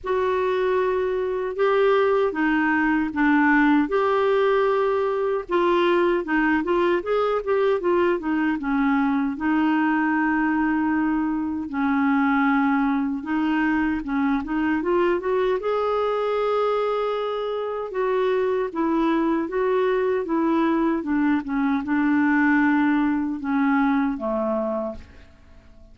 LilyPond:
\new Staff \with { instrumentName = "clarinet" } { \time 4/4 \tempo 4 = 77 fis'2 g'4 dis'4 | d'4 g'2 f'4 | dis'8 f'8 gis'8 g'8 f'8 dis'8 cis'4 | dis'2. cis'4~ |
cis'4 dis'4 cis'8 dis'8 f'8 fis'8 | gis'2. fis'4 | e'4 fis'4 e'4 d'8 cis'8 | d'2 cis'4 a4 | }